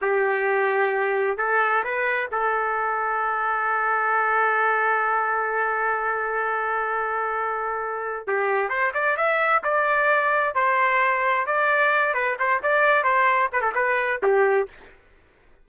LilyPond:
\new Staff \with { instrumentName = "trumpet" } { \time 4/4 \tempo 4 = 131 g'2. a'4 | b'4 a'2.~ | a'1~ | a'1~ |
a'2 g'4 c''8 d''8 | e''4 d''2 c''4~ | c''4 d''4. b'8 c''8 d''8~ | d''8 c''4 b'16 a'16 b'4 g'4 | }